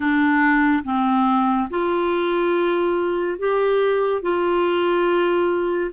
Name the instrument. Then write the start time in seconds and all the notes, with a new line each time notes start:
clarinet
0.00 D4
0.84 C4
1.69 F4
3.38 G4
4.21 F4